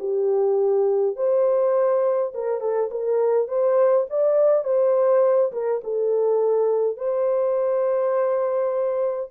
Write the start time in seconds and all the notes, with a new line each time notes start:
0.00 G4
1.17 C5
2.35 A#4
2.61 A4
2.92 A#4
3.48 C5
4.10 D5
4.65 C5
5.53 A#4
5.84 A4
6.97 C5